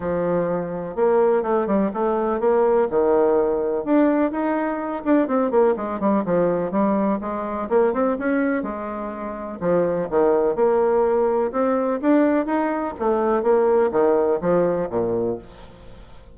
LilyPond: \new Staff \with { instrumentName = "bassoon" } { \time 4/4 \tempo 4 = 125 f2 ais4 a8 g8 | a4 ais4 dis2 | d'4 dis'4. d'8 c'8 ais8 | gis8 g8 f4 g4 gis4 |
ais8 c'8 cis'4 gis2 | f4 dis4 ais2 | c'4 d'4 dis'4 a4 | ais4 dis4 f4 ais,4 | }